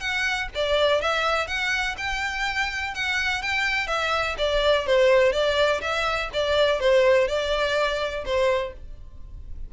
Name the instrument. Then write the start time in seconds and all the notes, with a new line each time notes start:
violin
0.00 F#5
0.55 D5
1.01 E5
1.47 F#5
1.98 G5
2.95 F#5
3.42 G5
3.87 E5
4.38 D5
4.87 C5
5.33 D5
5.81 E5
6.33 D5
6.80 C5
7.28 D5
8.25 C5